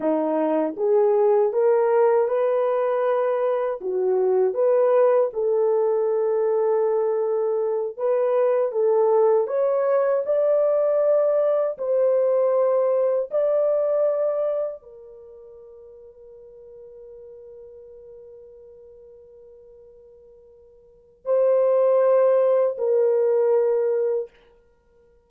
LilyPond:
\new Staff \with { instrumentName = "horn" } { \time 4/4 \tempo 4 = 79 dis'4 gis'4 ais'4 b'4~ | b'4 fis'4 b'4 a'4~ | a'2~ a'8 b'4 a'8~ | a'8 cis''4 d''2 c''8~ |
c''4. d''2 ais'8~ | ais'1~ | ais'1 | c''2 ais'2 | }